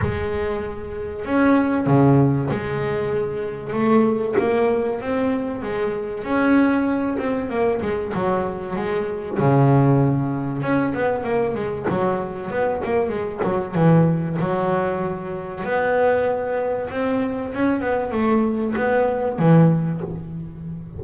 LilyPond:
\new Staff \with { instrumentName = "double bass" } { \time 4/4 \tempo 4 = 96 gis2 cis'4 cis4 | gis2 a4 ais4 | c'4 gis4 cis'4. c'8 | ais8 gis8 fis4 gis4 cis4~ |
cis4 cis'8 b8 ais8 gis8 fis4 | b8 ais8 gis8 fis8 e4 fis4~ | fis4 b2 c'4 | cis'8 b8 a4 b4 e4 | }